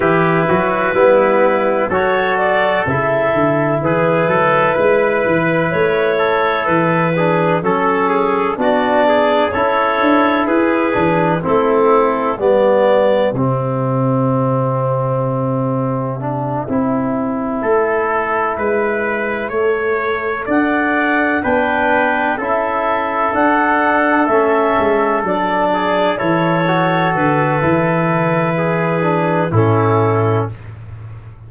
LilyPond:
<<
  \new Staff \with { instrumentName = "clarinet" } { \time 4/4 \tempo 4 = 63 b'2 cis''8 d''8 e''4 | b'2 cis''4 b'4 | a'4 d''4 cis''4 b'4 | a'4 d''4 e''2~ |
e''1~ | e''4. fis''4 g''4 e''8~ | e''8 fis''4 e''4 d''4 cis''8~ | cis''8 b'2~ b'8 a'4 | }
  \new Staff \with { instrumentName = "trumpet" } { \time 4/4 g'8 fis'8 e'4 a'2 | gis'8 a'8 b'4. a'4 gis'8 | a'8 gis'8 fis'8 gis'8 a'4 gis'4 | e'4 g'2.~ |
g'2~ g'8 a'4 b'8~ | b'8 cis''4 d''4 b'4 a'8~ | a'2. gis'8 a'8~ | a'2 gis'4 e'4 | }
  \new Staff \with { instrumentName = "trombone" } { \time 4/4 e'4 b4 fis'4 e'4~ | e'2.~ e'8 d'8 | cis'4 d'4 e'4. d'8 | c'4 b4 c'2~ |
c'4 d'8 e'2~ e'8~ | e'8 a'2 d'4 e'8~ | e'8 d'4 cis'4 d'4 e'8 | fis'4 e'4. d'8 cis'4 | }
  \new Staff \with { instrumentName = "tuba" } { \time 4/4 e8 fis8 g4 fis4 cis8 d8 | e8 fis8 gis8 e8 a4 e4 | fis4 b4 cis'8 d'8 e'8 e8 | a4 g4 c2~ |
c4. c'4 a4 gis8~ | gis8 a4 d'4 b4 cis'8~ | cis'8 d'4 a8 gis8 fis4 e8~ | e8 d8 e2 a,4 | }
>>